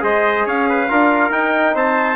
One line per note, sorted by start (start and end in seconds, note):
0.00 0.46 G#3
0.00 0.86 G#4
0.00 0.46 C5
0.00 0.46 D#5
0.46 0.89 C#4
0.46 0.67 C#5
0.46 1.32 F5
0.69 0.90 B4
0.88 1.30 D4
0.88 1.31 F4
0.88 1.74 A#4
1.30 1.73 D#4
1.30 2.16 D#4
1.30 1.75 G5
1.74 2.16 C4
1.74 2.16 C5
1.74 2.16 A5